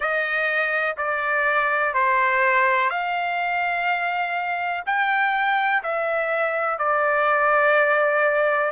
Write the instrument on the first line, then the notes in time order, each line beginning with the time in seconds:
trumpet
0.00 D#5
0.97 D5
1.94 C5
2.89 F5
4.86 G5
5.83 E5
6.78 D5